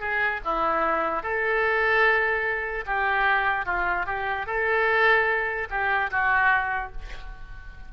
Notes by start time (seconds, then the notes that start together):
0.00 G#4
0.45 E4
1.23 A4
2.86 G4
3.66 F4
4.06 G4
4.47 A4
5.70 G4
6.11 F#4